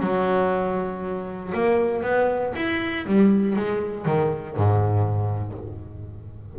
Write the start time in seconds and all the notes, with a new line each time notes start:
0.00 F#3
1.53 A#3
2.02 B3
2.55 E4
3.06 G3
3.56 G#3
4.05 D#3
4.56 G#2